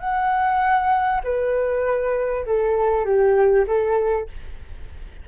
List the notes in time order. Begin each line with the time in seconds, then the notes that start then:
0.00 F#5
1.24 B4
2.46 A4
3.05 G4
3.67 A4